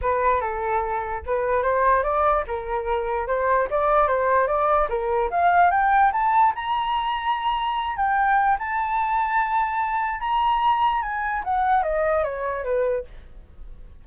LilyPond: \new Staff \with { instrumentName = "flute" } { \time 4/4 \tempo 4 = 147 b'4 a'2 b'4 | c''4 d''4 ais'2 | c''4 d''4 c''4 d''4 | ais'4 f''4 g''4 a''4 |
ais''2.~ ais''8 g''8~ | g''4 a''2.~ | a''4 ais''2 gis''4 | fis''4 dis''4 cis''4 b'4 | }